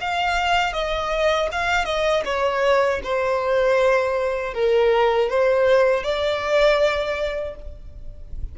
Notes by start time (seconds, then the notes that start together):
0.00 F5
0.73 D#5
1.52 F5
1.85 D#5
2.24 C#5
3.03 C5
4.53 A#4
5.29 C5
6.03 D5